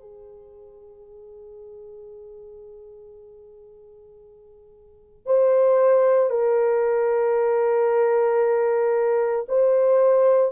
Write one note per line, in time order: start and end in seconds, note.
0.00 5.26 G#4
5.26 6.30 C5
6.30 9.46 A#4
9.48 10.52 C5